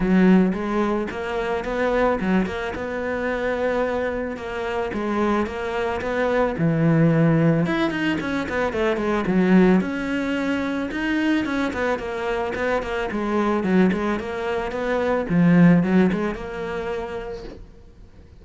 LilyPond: \new Staff \with { instrumentName = "cello" } { \time 4/4 \tempo 4 = 110 fis4 gis4 ais4 b4 | fis8 ais8 b2. | ais4 gis4 ais4 b4 | e2 e'8 dis'8 cis'8 b8 |
a8 gis8 fis4 cis'2 | dis'4 cis'8 b8 ais4 b8 ais8 | gis4 fis8 gis8 ais4 b4 | f4 fis8 gis8 ais2 | }